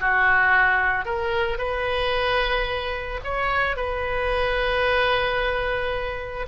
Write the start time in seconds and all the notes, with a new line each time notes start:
0.00 F#4
1.05 A#4
1.58 B4
3.24 C#5
3.76 B4